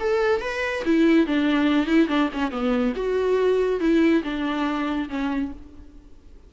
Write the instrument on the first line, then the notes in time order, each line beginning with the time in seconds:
viola
0.00 A4
0.41 B4
0.85 E4
1.27 D4
1.87 E4
2.08 D4
2.33 C#4
2.51 B3
2.96 F#4
3.80 E4
4.24 D4
5.09 C#4